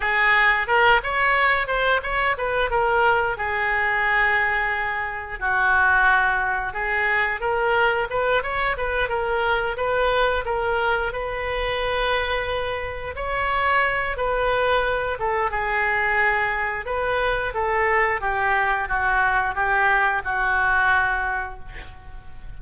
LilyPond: \new Staff \with { instrumentName = "oboe" } { \time 4/4 \tempo 4 = 89 gis'4 ais'8 cis''4 c''8 cis''8 b'8 | ais'4 gis'2. | fis'2 gis'4 ais'4 | b'8 cis''8 b'8 ais'4 b'4 ais'8~ |
ais'8 b'2. cis''8~ | cis''4 b'4. a'8 gis'4~ | gis'4 b'4 a'4 g'4 | fis'4 g'4 fis'2 | }